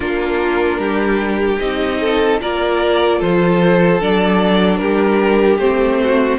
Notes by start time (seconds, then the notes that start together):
0.00 A#3 D4 F4 A#4
0.78 G3 G4
1.59 C4 D#4 D#5
2.00 A4
2.41 A#3 F4 A#4 D5
3.18 F3 A4 C5
4.00 F#3 D4 D5
4.77 G3 G4 A#4
5.58 A3 C4 C5
6.03 F#4